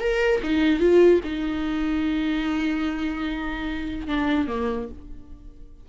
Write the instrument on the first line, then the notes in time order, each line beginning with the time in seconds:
viola
0.00 A#4
0.43 D#4
0.80 F4
1.24 D#4
4.07 D4
4.47 A#3